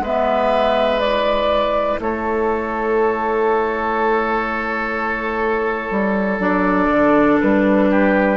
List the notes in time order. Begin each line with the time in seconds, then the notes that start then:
0.00 G#3 B3 B4 E5
1.00 E4 D5
2.00 A3 A4 C#5
5.91 G3
6.39 F#3 D4 D5
6.90 D3
7.40 G3 B4
7.91 G4